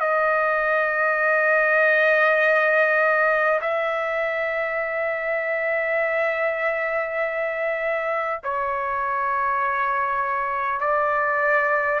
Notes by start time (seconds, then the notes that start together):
0.00 D#5
3.61 E5
8.43 C#5
10.80 D5